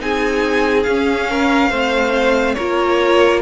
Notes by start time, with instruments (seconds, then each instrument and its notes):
0.00 cello C4, viola D#4, violin G#4 G#5
0.83 cello C#4, viola C#4, violin F5
1.30 violin A#4
1.70 cello A3, viola C4, violin C5
2.54 cello A#3, viola F4, violin A#4 C#5